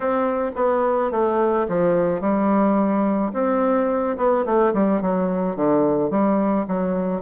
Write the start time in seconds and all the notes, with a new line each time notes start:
0.00 C4
0.55 B3
1.11 A3
1.68 F3
2.20 G3
3.33 C4
4.17 B3
4.45 A3
4.73 G3
5.01 F#3
5.56 D3
6.10 G3
6.67 F#3